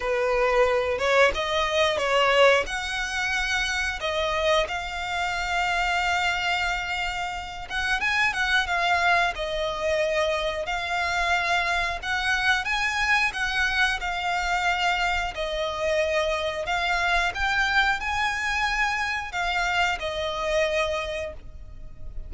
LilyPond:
\new Staff \with { instrumentName = "violin" } { \time 4/4 \tempo 4 = 90 b'4. cis''8 dis''4 cis''4 | fis''2 dis''4 f''4~ | f''2.~ f''8 fis''8 | gis''8 fis''8 f''4 dis''2 |
f''2 fis''4 gis''4 | fis''4 f''2 dis''4~ | dis''4 f''4 g''4 gis''4~ | gis''4 f''4 dis''2 | }